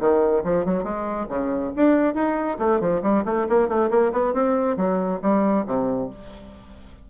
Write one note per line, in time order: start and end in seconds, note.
0.00 0.43 D#3
0.44 0.65 F3
0.65 0.83 F#3
0.83 1.27 G#3
1.29 1.72 C#3
1.76 2.15 D4
2.15 2.58 D#4
2.59 2.80 A3
2.80 3.02 F3
3.02 3.24 G3
3.25 3.47 A3
3.49 3.68 A#3
3.68 3.90 A3
3.90 4.12 A#3
4.13 4.34 B3
4.34 4.77 C4
4.77 5.21 F#3
5.22 5.66 G3
5.66 6.10 C3